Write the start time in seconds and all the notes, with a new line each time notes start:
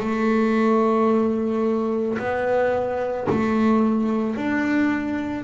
0.00 A3
2.19 B3
3.30 A3
4.36 D4